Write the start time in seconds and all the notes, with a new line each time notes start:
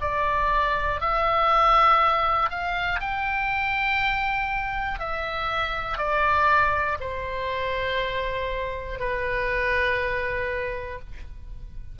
0.00 D5
1.00 E5
2.49 F5
3.00 G5
4.99 E5
5.97 D5
7.00 C5
8.99 B4